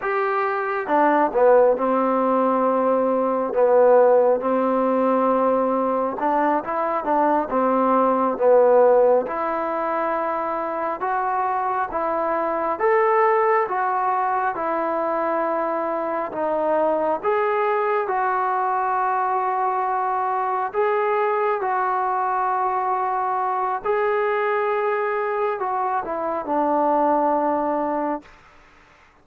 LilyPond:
\new Staff \with { instrumentName = "trombone" } { \time 4/4 \tempo 4 = 68 g'4 d'8 b8 c'2 | b4 c'2 d'8 e'8 | d'8 c'4 b4 e'4.~ | e'8 fis'4 e'4 a'4 fis'8~ |
fis'8 e'2 dis'4 gis'8~ | gis'8 fis'2. gis'8~ | gis'8 fis'2~ fis'8 gis'4~ | gis'4 fis'8 e'8 d'2 | }